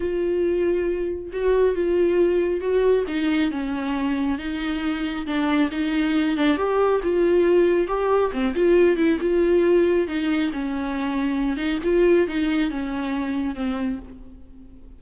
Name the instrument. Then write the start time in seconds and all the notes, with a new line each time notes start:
viola
0.00 F4
1.32 F#4
1.75 F4
2.61 F#4
3.07 D#4
3.51 C#4
4.38 D#4
5.26 D4
5.71 D#4
6.36 D4
6.57 G4
7.03 F4
7.87 G4
8.32 C4
8.55 F4
8.96 E4
9.20 F4
10.07 D#4
10.52 C#4
11.57 D#4
11.83 F4
12.27 D#4
12.70 C#4
13.55 C4